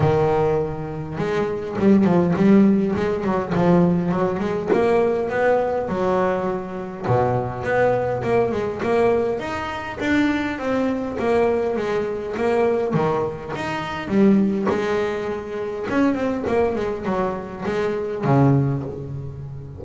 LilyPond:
\new Staff \with { instrumentName = "double bass" } { \time 4/4 \tempo 4 = 102 dis2 gis4 g8 f8 | g4 gis8 fis8 f4 fis8 gis8 | ais4 b4 fis2 | b,4 b4 ais8 gis8 ais4 |
dis'4 d'4 c'4 ais4 | gis4 ais4 dis4 dis'4 | g4 gis2 cis'8 c'8 | ais8 gis8 fis4 gis4 cis4 | }